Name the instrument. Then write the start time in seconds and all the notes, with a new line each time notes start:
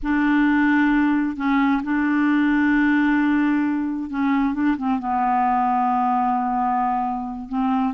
clarinet
0.02 D4
1.36 C#4
1.83 D4
4.10 C#4
4.53 D4
4.77 C4
4.99 B3
7.48 C4